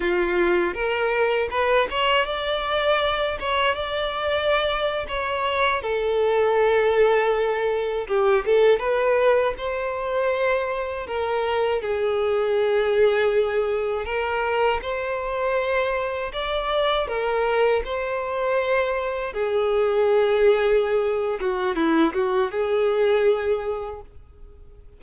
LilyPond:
\new Staff \with { instrumentName = "violin" } { \time 4/4 \tempo 4 = 80 f'4 ais'4 b'8 cis''8 d''4~ | d''8 cis''8 d''4.~ d''16 cis''4 a'16~ | a'2~ a'8. g'8 a'8 b'16~ | b'8. c''2 ais'4 gis'16~ |
gis'2~ gis'8. ais'4 c''16~ | c''4.~ c''16 d''4 ais'4 c''16~ | c''4.~ c''16 gis'2~ gis'16~ | gis'8 fis'8 e'8 fis'8 gis'2 | }